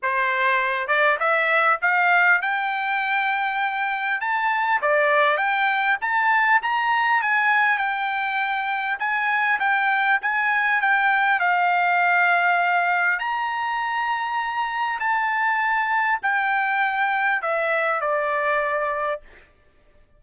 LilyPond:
\new Staff \with { instrumentName = "trumpet" } { \time 4/4 \tempo 4 = 100 c''4. d''8 e''4 f''4 | g''2. a''4 | d''4 g''4 a''4 ais''4 | gis''4 g''2 gis''4 |
g''4 gis''4 g''4 f''4~ | f''2 ais''2~ | ais''4 a''2 g''4~ | g''4 e''4 d''2 | }